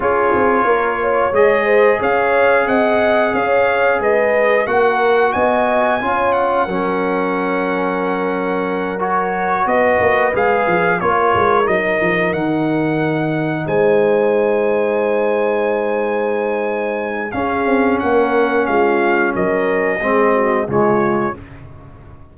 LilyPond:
<<
  \new Staff \with { instrumentName = "trumpet" } { \time 4/4 \tempo 4 = 90 cis''2 dis''4 f''4 | fis''4 f''4 dis''4 fis''4 | gis''4. fis''2~ fis''8~ | fis''4. cis''4 dis''4 f''8~ |
f''8 cis''4 dis''4 fis''4.~ | fis''8 gis''2.~ gis''8~ | gis''2 f''4 fis''4 | f''4 dis''2 cis''4 | }
  \new Staff \with { instrumentName = "horn" } { \time 4/4 gis'4 ais'8 cis''4 c''8 cis''4 | dis''4 cis''4 b'4 ais'4 | dis''4 cis''4 ais'2~ | ais'2~ ais'8 b'4.~ |
b'8 ais'2.~ ais'8~ | ais'8 c''2.~ c''8~ | c''2 gis'4 ais'4 | f'4 ais'4 gis'8 fis'8 f'4 | }
  \new Staff \with { instrumentName = "trombone" } { \time 4/4 f'2 gis'2~ | gis'2. fis'4~ | fis'4 f'4 cis'2~ | cis'4. fis'2 gis'8~ |
gis'8 f'4 dis'2~ dis'8~ | dis'1~ | dis'2 cis'2~ | cis'2 c'4 gis4 | }
  \new Staff \with { instrumentName = "tuba" } { \time 4/4 cis'8 c'8 ais4 gis4 cis'4 | c'4 cis'4 gis4 ais4 | b4 cis'4 fis2~ | fis2~ fis8 b8 ais8 gis8 |
f8 ais8 gis8 fis8 f8 dis4.~ | dis8 gis2.~ gis8~ | gis2 cis'8 c'8 ais4 | gis4 fis4 gis4 cis4 | }
>>